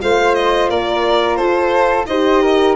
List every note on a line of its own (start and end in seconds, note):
0.00 0.70 A3
0.00 2.07 F4
0.00 0.70 C5
0.00 0.34 F5
0.34 0.69 D#5
0.70 1.38 A#3
0.70 1.37 A#4
0.70 1.35 D5
1.35 2.06 F4
1.35 2.06 A4
1.35 2.04 C5
2.06 2.75 D#4
2.06 2.75 G4
2.06 2.42 C5
2.06 2.75 D#5
2.42 2.75 A#4